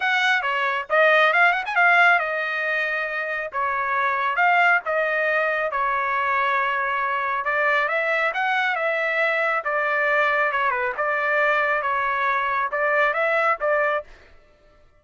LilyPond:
\new Staff \with { instrumentName = "trumpet" } { \time 4/4 \tempo 4 = 137 fis''4 cis''4 dis''4 f''8 fis''16 gis''16 | f''4 dis''2. | cis''2 f''4 dis''4~ | dis''4 cis''2.~ |
cis''4 d''4 e''4 fis''4 | e''2 d''2 | cis''8 b'8 d''2 cis''4~ | cis''4 d''4 e''4 d''4 | }